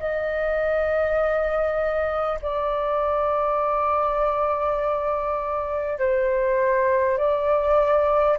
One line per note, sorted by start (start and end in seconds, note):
0.00 2.40 D#5
2.42 5.99 D5
5.99 7.18 C5
7.18 8.38 D5